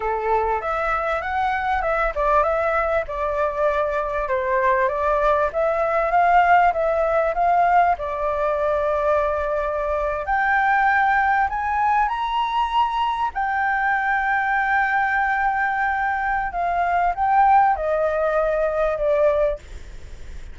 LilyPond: \new Staff \with { instrumentName = "flute" } { \time 4/4 \tempo 4 = 98 a'4 e''4 fis''4 e''8 d''8 | e''4 d''2 c''4 | d''4 e''4 f''4 e''4 | f''4 d''2.~ |
d''8. g''2 gis''4 ais''16~ | ais''4.~ ais''16 g''2~ g''16~ | g''2. f''4 | g''4 dis''2 d''4 | }